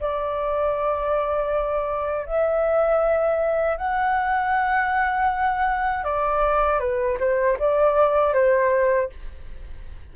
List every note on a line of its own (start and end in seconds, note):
0.00 2.26 D5
2.26 3.78 E5
3.78 6.04 F#5
6.04 6.80 D5
6.80 7.18 B4
7.20 7.58 C5
7.59 8.34 D5
8.34 9.10 C5